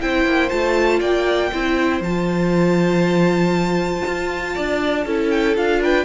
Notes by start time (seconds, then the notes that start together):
0.00 C4 E4 C5 G5
0.24 A#3
0.49 A3 F4 A5
0.99 A#3 D5 G5
1.51 C4 E4 C5
2.00 F3 F4 A5
4.06 F4
4.54 D4 D5
5.05 C#4 E4 A4
5.30 G5
5.56 D4 F4 F5
5.80 B4 G5